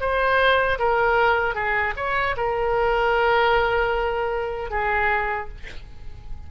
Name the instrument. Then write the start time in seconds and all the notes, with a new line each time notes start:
oboe
0.00 C5
0.78 A#4
1.54 G#4
1.96 C#5
2.36 A#4
4.70 G#4